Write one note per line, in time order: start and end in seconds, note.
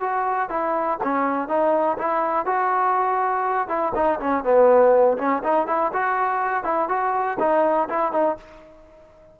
0.00 0.49 F#4
0.49 0.98 E4
1.03 1.48 C#4
1.48 1.97 D#4
1.97 2.45 E4
2.45 3.68 F#4
3.68 3.92 E4
3.95 4.19 D#4
4.19 4.43 C#4
4.43 5.17 B3
5.18 5.42 C#4
5.43 5.67 D#4
5.67 5.91 E4
5.92 6.63 F#4
6.63 6.88 E4
6.88 7.37 F#4
7.39 7.88 D#4
7.88 8.12 E4
8.12 8.37 D#4